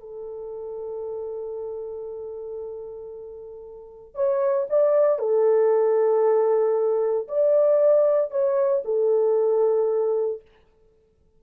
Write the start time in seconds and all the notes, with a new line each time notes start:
0.00 A4
4.15 C#5
4.70 D5
5.19 A4
7.28 D5
8.31 C#5
8.85 A4